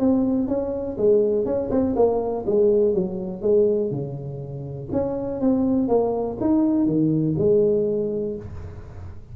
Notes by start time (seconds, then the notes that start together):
0.00 C4
0.48 C#4
0.98 G#3
1.46 C#4
1.71 C4
1.96 A#3
2.47 G#3
2.95 F#3
3.42 G#3
3.91 C#3
4.93 C#4
5.41 C4
5.88 A#3
6.41 D#4
6.87 D#3
7.39 G#3